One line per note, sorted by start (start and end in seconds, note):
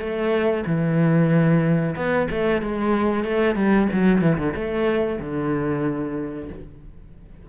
0.00 0.65 A3
0.67 1.96 E3
1.96 2.28 B3
2.31 2.62 A3
2.62 3.25 G#3
3.25 3.56 A3
3.56 3.88 G3
3.93 4.22 F#3
4.22 4.38 E3
4.38 4.54 D3
4.55 5.20 A3
5.21 6.50 D3